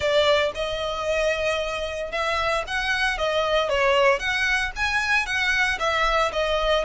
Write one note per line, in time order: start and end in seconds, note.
0.00 0.52 D5
0.55 2.11 D#5
2.11 2.64 E5
2.67 3.17 F#5
3.17 3.69 D#5
3.69 4.19 C#5
4.19 4.71 F#5
4.76 5.26 G#5
5.26 5.78 F#5
5.79 6.31 E5
6.32 6.84 D#5